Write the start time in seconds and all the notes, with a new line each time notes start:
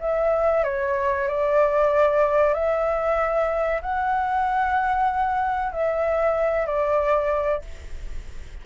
0.00 E5
0.64 C#5
1.28 D5
2.54 E5
3.82 F#5
5.72 E5
6.66 D5